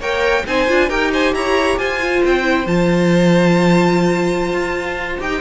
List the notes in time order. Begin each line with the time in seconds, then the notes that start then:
0.00 A#3 A#4 C#5 G5
0.47 C4 D#4 C5 G#5
0.69 D4 F4
0.89 D#4 G4 A#4 G5
1.13 C5 G#5
1.34 E4 C#5 A#5
1.78 F4 C5 G#5
2.01 F4
2.25 C4 G5
2.43 E4
2.66 F3 F4 A5
4.52 F4
5.19 D#4 G4 G5